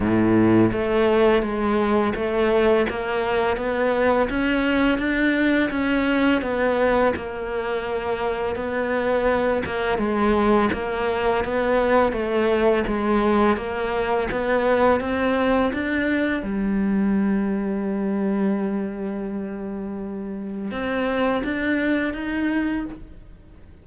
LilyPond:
\new Staff \with { instrumentName = "cello" } { \time 4/4 \tempo 4 = 84 a,4 a4 gis4 a4 | ais4 b4 cis'4 d'4 | cis'4 b4 ais2 | b4. ais8 gis4 ais4 |
b4 a4 gis4 ais4 | b4 c'4 d'4 g4~ | g1~ | g4 c'4 d'4 dis'4 | }